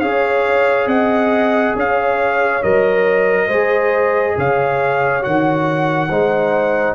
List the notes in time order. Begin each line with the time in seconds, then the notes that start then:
0.00 C#4 G#4 C#5 F5
0.86 C4 D#5 F#5
1.75 C#4 C#5 F5
2.62 F#3 A#4 D#5
3.46 G#3 G#4 C5
4.36 C#3 C#5 F5
5.21 D#3 F#4 F#5
6.09 G#3 D#4 C5